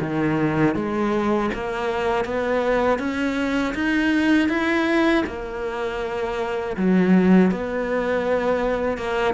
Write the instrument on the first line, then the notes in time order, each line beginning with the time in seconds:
cello
0.00 D#3
0.75 G#3
1.53 A#3
2.24 B3
2.99 C#4
3.74 D#4
4.49 E4
5.26 A#3
6.76 F#3
7.51 B3
8.97 A#3